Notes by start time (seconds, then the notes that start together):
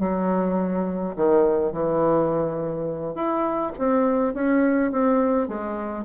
0.00 F#3
1.16 D#3
1.73 E3
3.15 E4
3.79 C4
4.35 C#4
4.92 C4
5.48 G#3